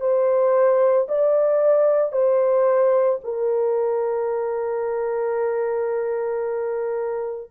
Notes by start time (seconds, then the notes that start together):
0.00 C5
1.08 D5
2.12 C5
3.24 A#4